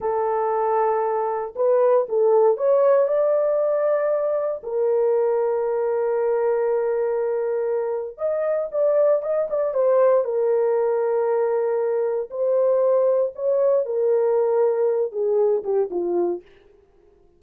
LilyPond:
\new Staff \with { instrumentName = "horn" } { \time 4/4 \tempo 4 = 117 a'2. b'4 | a'4 cis''4 d''2~ | d''4 ais'2.~ | ais'1 |
dis''4 d''4 dis''8 d''8 c''4 | ais'1 | c''2 cis''4 ais'4~ | ais'4. gis'4 g'8 f'4 | }